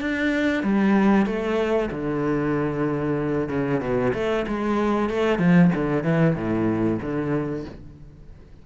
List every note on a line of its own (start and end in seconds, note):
0.00 0.63 D4
0.63 1.25 G3
1.25 1.89 A3
1.91 3.48 D3
3.48 3.80 C#3
3.80 4.12 B2
4.13 4.45 A3
4.47 5.09 G#3
5.09 5.38 A3
5.38 5.70 F3
5.74 6.03 D3
6.03 6.35 E3
6.35 6.99 A2
7.01 7.65 D3